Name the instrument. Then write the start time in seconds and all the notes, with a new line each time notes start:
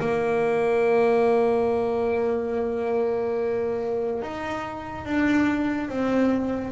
double bass
0.00 A#3
4.22 D#4
5.05 D4
5.89 C4